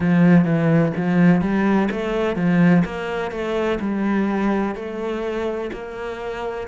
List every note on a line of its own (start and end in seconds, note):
0.00 0.45 F3
0.45 0.92 E3
0.96 1.41 F3
1.41 1.88 G3
1.91 2.35 A3
2.35 2.83 F3
2.84 3.31 A#3
3.31 3.78 A3
3.80 4.75 G3
4.75 5.70 A3
5.72 6.67 A#3